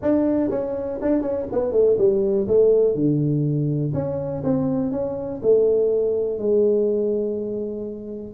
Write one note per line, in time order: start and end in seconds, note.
0.02 0.49 D4
0.49 0.99 C#4
1.01 1.21 D4
1.21 1.46 C#4
1.52 1.72 B3
1.72 1.96 A3
1.98 2.47 G3
2.47 2.94 A3
2.94 3.93 D3
3.93 4.43 C#4
4.43 4.91 C4
4.91 5.41 C#4
5.42 6.38 A3
6.38 8.34 G#3